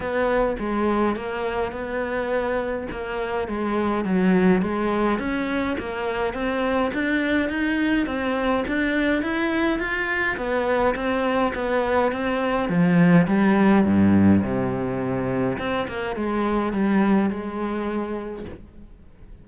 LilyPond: \new Staff \with { instrumentName = "cello" } { \time 4/4 \tempo 4 = 104 b4 gis4 ais4 b4~ | b4 ais4 gis4 fis4 | gis4 cis'4 ais4 c'4 | d'4 dis'4 c'4 d'4 |
e'4 f'4 b4 c'4 | b4 c'4 f4 g4 | g,4 c2 c'8 ais8 | gis4 g4 gis2 | }